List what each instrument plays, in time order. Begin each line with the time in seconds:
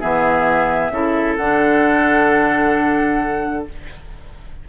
0.00 bassoon E3, clarinet B3, oboe G#4, flute E5
0.90 bassoon C#3, clarinet E4, oboe A4
1.36 bassoon D3, clarinet D4, flute F#5